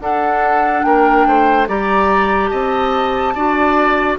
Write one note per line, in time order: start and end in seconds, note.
0.00 0.83 D4
0.00 1.68 D4
0.00 0.85 A4
0.00 0.83 F#5
0.83 1.26 A#3
0.83 1.28 A#4
0.83 1.66 G5
1.26 1.68 A3
1.26 1.68 C5
1.68 2.51 G3
1.68 3.34 G4
1.68 2.50 D5
1.68 2.48 A#5
2.48 3.35 C4
2.48 3.34 D#5
2.48 4.15 A5
3.35 4.18 D4
3.35 4.19 F#4
3.35 4.18 D5